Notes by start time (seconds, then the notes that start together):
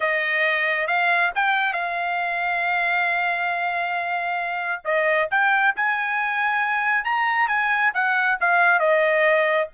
0.00 D#5
0.87 F5
1.35 G5
1.73 F5
4.84 D#5
5.30 G5
5.76 G#5
7.04 A#5
7.48 G#5
7.94 F#5
8.40 F5
8.79 D#5